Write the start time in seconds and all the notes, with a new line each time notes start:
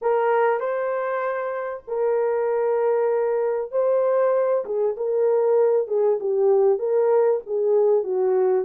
0.01 A#4
0.60 C5
1.87 A#4
3.71 C5
4.65 G#4
4.97 A#4
5.87 G#4
6.20 G4
6.78 A#4
7.46 G#4
8.03 F#4